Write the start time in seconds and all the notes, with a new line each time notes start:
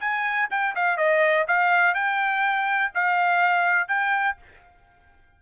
0.00 G#5
0.50 G5
0.75 F5
0.97 D#5
1.47 F5
1.94 G5
2.94 F5
3.88 G5